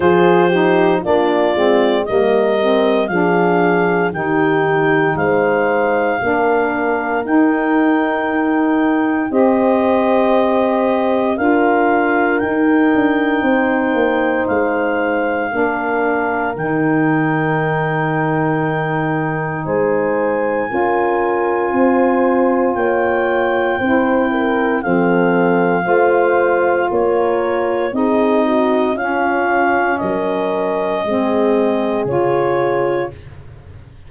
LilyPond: <<
  \new Staff \with { instrumentName = "clarinet" } { \time 4/4 \tempo 4 = 58 c''4 d''4 dis''4 f''4 | g''4 f''2 g''4~ | g''4 dis''2 f''4 | g''2 f''2 |
g''2. gis''4~ | gis''2 g''2 | f''2 cis''4 dis''4 | f''4 dis''2 cis''4 | }
  \new Staff \with { instrumentName = "horn" } { \time 4/4 gis'8 g'8 f'4 ais'4 gis'4 | g'4 c''4 ais'2~ | ais'4 c''2 ais'4~ | ais'4 c''2 ais'4~ |
ais'2. c''4 | ais'4 c''4 cis''4 c''8 ais'8 | a'4 c''4 ais'4 gis'8 fis'8 | f'4 ais'4 gis'2 | }
  \new Staff \with { instrumentName = "saxophone" } { \time 4/4 f'8 dis'8 d'8 c'8 ais8 c'8 d'4 | dis'2 d'4 dis'4~ | dis'4 g'2 f'4 | dis'2. d'4 |
dis'1 | f'2. e'4 | c'4 f'2 dis'4 | cis'2 c'4 f'4 | }
  \new Staff \with { instrumentName = "tuba" } { \time 4/4 f4 ais8 gis8 g4 f4 | dis4 gis4 ais4 dis'4~ | dis'4 c'2 d'4 | dis'8 d'8 c'8 ais8 gis4 ais4 |
dis2. gis4 | cis'4 c'4 ais4 c'4 | f4 a4 ais4 c'4 | cis'4 fis4 gis4 cis4 | }
>>